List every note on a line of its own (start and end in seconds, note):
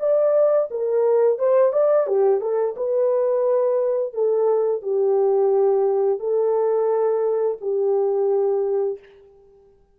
0.00 0.69 D5
0.71 1.39 A#4
1.39 1.73 C5
1.73 2.07 D5
2.07 2.41 G4
2.41 2.76 A4
2.77 4.14 B4
4.14 4.82 A4
4.82 6.20 G4
6.20 7.58 A4
7.61 8.99 G4